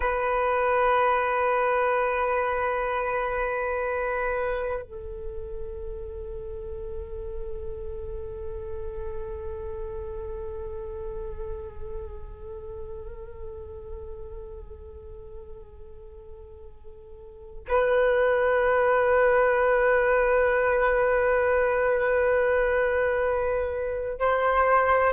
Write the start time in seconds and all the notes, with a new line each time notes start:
0.00 B4
4.82 A4
17.68 B4
24.19 C5